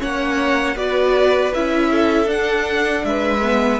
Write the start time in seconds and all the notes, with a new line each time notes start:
0.00 A#3 C#4 C#5 F#5
0.76 B3 F#4 B4 D5
1.54 C#4 E4 E5
1.91 A4
2.27 D4 F#5
3.04 G#3 B4 E5
3.43 B3